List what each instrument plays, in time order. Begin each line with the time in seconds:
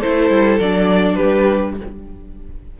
0.00 cello A3, viola E4, violin A4 C5
0.30 cello G3
0.60 cello F#3, viola D4, violin D5
1.15 violin G4 B4
1.22 cello G3